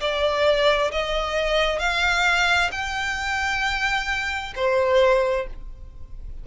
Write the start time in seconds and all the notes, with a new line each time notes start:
0.00 D5
0.91 D#5
1.79 F5
2.71 G5
4.55 C5